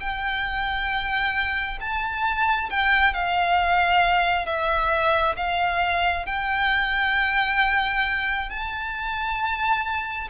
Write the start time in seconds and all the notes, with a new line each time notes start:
0.00 G5
1.80 A5
2.70 G5
3.14 F5
4.46 E5
5.36 F5
6.26 G5
8.50 A5